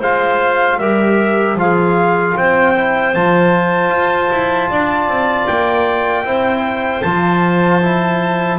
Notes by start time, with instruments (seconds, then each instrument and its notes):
0.00 double bass G#3, trombone F4, clarinet C5, trumpet F5
0.79 double bass G3, trombone G4, clarinet A#4, trumpet E5
1.56 double bass F3, trombone F4, clarinet G#4, trumpet F5
2.37 double bass C4, clarinet C5, trumpet G5
2.75 trombone E4
3.15 double bass F3, trombone F4, trumpet A5
3.90 double bass F4
4.32 double bass E4
4.70 double bass D4, clarinet D5
5.08 double bass C4
5.47 double bass A#3, trumpet G5
6.25 double bass C4, trombone E4, clarinet C5
7.02 double bass F3, trombone F4, trumpet A5
7.82 trombone E4